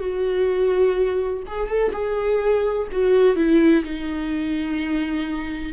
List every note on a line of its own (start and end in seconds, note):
0.00 1.43 F#4
1.47 1.68 G#4
1.68 1.92 A4
1.93 2.88 G#4
2.92 3.36 F#4
3.36 3.84 E4
3.84 5.73 D#4